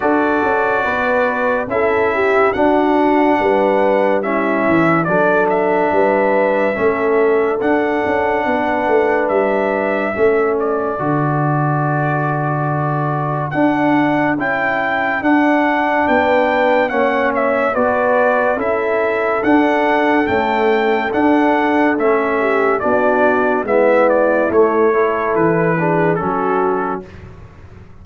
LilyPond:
<<
  \new Staff \with { instrumentName = "trumpet" } { \time 4/4 \tempo 4 = 71 d''2 e''4 fis''4~ | fis''4 e''4 d''8 e''4.~ | e''4 fis''2 e''4~ | e''8 d''2.~ d''8 |
fis''4 g''4 fis''4 g''4 | fis''8 e''8 d''4 e''4 fis''4 | g''4 fis''4 e''4 d''4 | e''8 d''8 cis''4 b'4 a'4 | }
  \new Staff \with { instrumentName = "horn" } { \time 4/4 a'4 b'4 a'8 g'8 fis'4 | b'4 e'4 a'4 b'4 | a'2 b'2 | a'1~ |
a'2. b'4 | cis''4 b'4 a'2~ | a'2~ a'8 g'8 fis'4 | e'4. a'4 gis'8 fis'4 | }
  \new Staff \with { instrumentName = "trombone" } { \time 4/4 fis'2 e'4 d'4~ | d'4 cis'4 d'2 | cis'4 d'2. | cis'4 fis'2. |
d'4 e'4 d'2 | cis'4 fis'4 e'4 d'4 | a4 d'4 cis'4 d'4 | b4 a8 e'4 d'8 cis'4 | }
  \new Staff \with { instrumentName = "tuba" } { \time 4/4 d'8 cis'8 b4 cis'4 d'4 | g4. e8 fis4 g4 | a4 d'8 cis'8 b8 a8 g4 | a4 d2. |
d'4 cis'4 d'4 b4 | ais4 b4 cis'4 d'4 | cis'4 d'4 a4 b4 | gis4 a4 e4 fis4 | }
>>